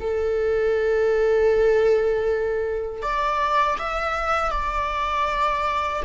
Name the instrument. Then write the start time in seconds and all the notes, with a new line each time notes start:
viola
0.00 A4
3.02 D5
3.78 E5
4.51 D5